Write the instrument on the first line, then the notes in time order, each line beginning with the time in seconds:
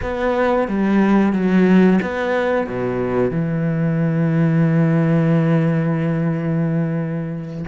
cello
0.02 B3
0.68 G3
1.32 F#3
2.02 B3
2.67 B2
3.31 E3